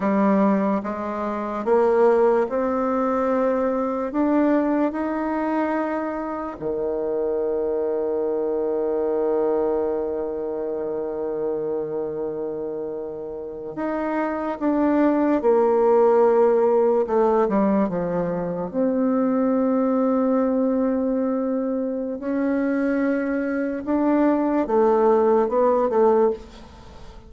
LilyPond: \new Staff \with { instrumentName = "bassoon" } { \time 4/4 \tempo 4 = 73 g4 gis4 ais4 c'4~ | c'4 d'4 dis'2 | dis1~ | dis1~ |
dis8. dis'4 d'4 ais4~ ais16~ | ais8. a8 g8 f4 c'4~ c'16~ | c'2. cis'4~ | cis'4 d'4 a4 b8 a8 | }